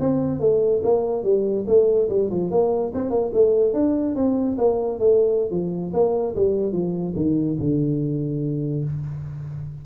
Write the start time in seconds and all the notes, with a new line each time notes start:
0.00 C4
0.40 A3
0.84 A#3
1.24 G3
1.67 A3
2.09 G3
2.31 F3
2.51 A#3
2.95 C4
3.11 A#3
3.34 A3
3.74 D4
4.16 C4
4.58 A#3
4.99 A3
5.51 F3
5.94 A#3
6.36 G3
6.73 F3
7.16 D#3
7.59 D3